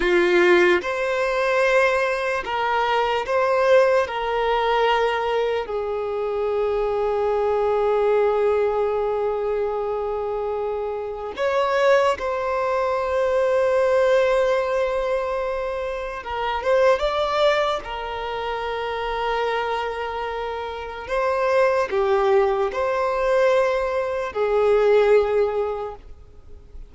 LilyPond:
\new Staff \with { instrumentName = "violin" } { \time 4/4 \tempo 4 = 74 f'4 c''2 ais'4 | c''4 ais'2 gis'4~ | gis'1~ | gis'2 cis''4 c''4~ |
c''1 | ais'8 c''8 d''4 ais'2~ | ais'2 c''4 g'4 | c''2 gis'2 | }